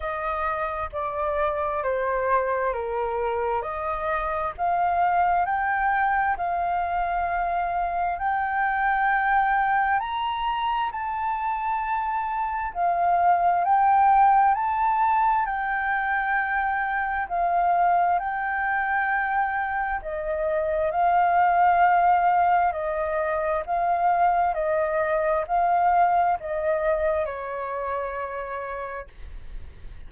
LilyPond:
\new Staff \with { instrumentName = "flute" } { \time 4/4 \tempo 4 = 66 dis''4 d''4 c''4 ais'4 | dis''4 f''4 g''4 f''4~ | f''4 g''2 ais''4 | a''2 f''4 g''4 |
a''4 g''2 f''4 | g''2 dis''4 f''4~ | f''4 dis''4 f''4 dis''4 | f''4 dis''4 cis''2 | }